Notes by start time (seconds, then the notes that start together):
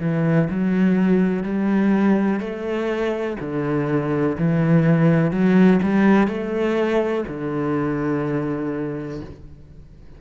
0.00 E3
0.50 F#3
1.43 G3
2.40 A3
3.40 D3
4.38 E3
5.31 F#3
5.83 G3
6.28 A3
7.28 D3